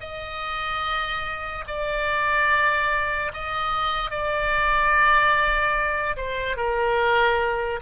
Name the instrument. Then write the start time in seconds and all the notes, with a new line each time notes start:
oboe
0.00 D#5
1.67 D5
3.33 D#5
4.11 D5
6.16 C5
6.56 A#4